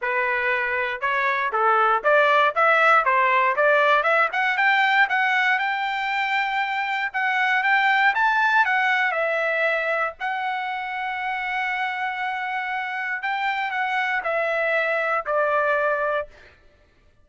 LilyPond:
\new Staff \with { instrumentName = "trumpet" } { \time 4/4 \tempo 4 = 118 b'2 cis''4 a'4 | d''4 e''4 c''4 d''4 | e''8 fis''8 g''4 fis''4 g''4~ | g''2 fis''4 g''4 |
a''4 fis''4 e''2 | fis''1~ | fis''2 g''4 fis''4 | e''2 d''2 | }